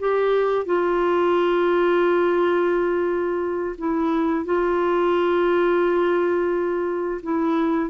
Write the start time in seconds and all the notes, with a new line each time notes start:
0.00 G4
0.66 F4
3.78 E4
4.46 F4
7.24 E4